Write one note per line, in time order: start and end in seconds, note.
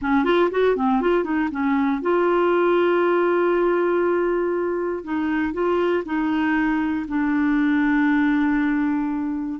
0.01 0.24 C#4
0.24 0.49 F4
0.50 0.75 F#4
0.75 1.01 C4
1.01 1.24 F4
1.24 1.49 D#4
1.51 2.01 C#4
2.01 5.04 F4
5.04 5.53 D#4
5.53 6.03 F4
6.05 7.05 D#4
7.08 9.60 D4